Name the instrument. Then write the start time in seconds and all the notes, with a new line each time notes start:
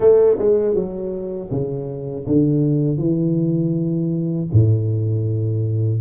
tuba
0.00 A3
0.38 G#3
0.74 F#3
1.50 C#3
2.27 D3
2.97 E3
4.52 A2